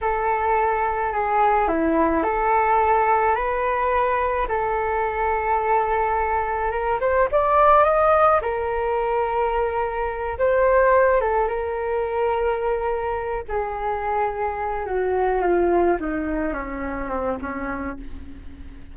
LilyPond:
\new Staff \with { instrumentName = "flute" } { \time 4/4 \tempo 4 = 107 a'2 gis'4 e'4 | a'2 b'2 | a'1 | ais'8 c''8 d''4 dis''4 ais'4~ |
ais'2~ ais'8 c''4. | a'8 ais'2.~ ais'8 | gis'2~ gis'8 fis'4 f'8~ | f'8 dis'4 cis'4 c'8 cis'4 | }